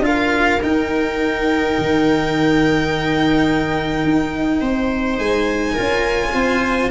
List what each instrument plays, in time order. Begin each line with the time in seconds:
0.00 tuba D4, cello F4, violin F5
0.06 viola A#4
0.63 tuba D#4, cello D#4, violin G5
1.79 tuba D#3
4.04 tuba D#4
4.61 tuba C4, viola C5
5.19 tuba G#3, violin G#5
5.73 cello F4, viola A#4
5.79 tuba C#4
6.34 tuba C4, viola C5